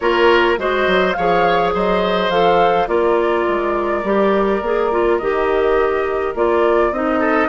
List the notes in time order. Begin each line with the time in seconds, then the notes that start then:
0.00 A#3 F4 A#4 C#5
0.57 G#3 F#4 C5 D#5
0.86 F#3
1.12 G#4 C#5 F5
1.18 F3
1.74 F#3 C5 D#5
2.29 F3 A4 F5
2.87 A#3 F4 A#4 D5
3.48 G#3
4.03 G3 G4
4.61 A#3 G#4
4.91 F4
5.17 D#3 G4 D#5
6.34 A#3 F4 D5
6.91 C4 D#4 D#5
7.19 A4